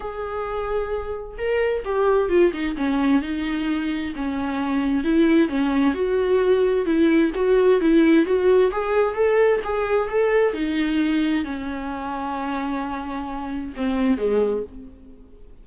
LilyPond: \new Staff \with { instrumentName = "viola" } { \time 4/4 \tempo 4 = 131 gis'2. ais'4 | g'4 f'8 dis'8 cis'4 dis'4~ | dis'4 cis'2 e'4 | cis'4 fis'2 e'4 |
fis'4 e'4 fis'4 gis'4 | a'4 gis'4 a'4 dis'4~ | dis'4 cis'2.~ | cis'2 c'4 gis4 | }